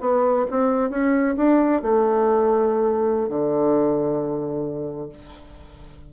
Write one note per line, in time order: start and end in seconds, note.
0.00 0.45 B3
0.50 0.90 C4
0.90 1.35 C#4
1.36 1.81 D4
1.81 3.28 A3
3.28 5.09 D3